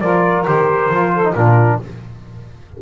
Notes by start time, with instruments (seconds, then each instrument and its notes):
0.00 double bass F3, trombone F4, saxophone A#4, trumpet D5
0.46 double bass D#3, trombone G4, trumpet C5
0.89 double bass F3, trombone F4
1.14 saxophone A4
1.24 trombone D#4
1.33 double bass A#2, trombone D4, saxophone F4, trumpet A#4